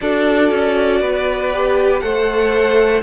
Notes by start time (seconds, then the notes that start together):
0.00 D4 F#4 A4 D5
0.50 C#4
1.00 B3 B4
1.53 G4
1.99 A3 A4 C5 F#5